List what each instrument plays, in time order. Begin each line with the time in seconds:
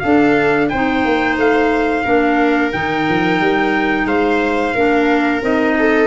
0.00 clarinet D4, tuba D4, viola A4, trumpet F5
0.69 tuba C4, clarinet D#4, viola C5, trumpet G5
1.05 tuba A#3
1.38 tuba A3, trumpet F5
2.04 tuba A#3, clarinet D4, viola A#4
2.73 tuba D#3, clarinet D#4, trumpet G5
3.09 tuba F3
3.41 tuba G3
4.05 tuba G#3, viola C5, trumpet F5
4.75 tuba A#3, clarinet D4, viola A#4
5.42 tuba C4, clarinet D#4, trumpet D#5
5.79 viola A4